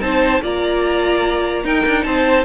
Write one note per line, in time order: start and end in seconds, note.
0.00 0.41 C4
0.00 0.41 D#4
0.00 0.42 C5
0.00 0.42 A5
0.42 1.64 A#3
0.42 1.64 F4
0.42 1.64 D5
0.42 1.66 A#5
1.64 2.45 D#4
1.64 1.85 D#4
1.64 2.05 A#4
1.64 2.03 G5
1.86 2.05 D4
2.03 2.45 C4
2.03 2.45 C5
2.03 2.44 A5